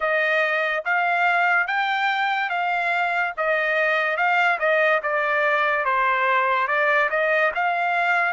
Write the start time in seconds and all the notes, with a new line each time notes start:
0.00 D#5
0.84 F5
1.67 G5
2.49 F5
3.37 D#5
4.17 F5
4.59 D#5
5.02 D5
5.84 C5
6.67 D5
7.10 D#5
7.55 F5